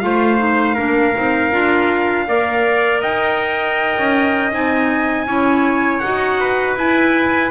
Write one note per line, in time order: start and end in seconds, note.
0.00 0.78 A3
0.00 0.37 F4
0.00 0.75 C5
0.00 3.00 F5
0.37 0.75 D#4
0.75 1.16 A#3
0.75 1.13 D4
0.75 2.25 A#4
1.14 1.52 C4
1.14 1.51 D#4
1.51 2.27 D4
1.51 2.26 F4
2.27 3.02 A#3
2.27 4.52 A#4
2.27 3.01 D5
3.01 3.96 D#4
3.01 5.26 D#5
3.01 4.52 G5
3.97 4.52 C#4
4.52 5.26 C4
4.52 5.26 D#4
4.52 5.99 G#5
5.26 6.01 C#4
5.26 6.01 E4
5.26 6.40 C#5
5.99 6.75 D#4
5.99 6.77 F#4
5.99 6.74 F#5
6.40 7.50 B4
6.75 7.50 E4
6.75 7.50 G#5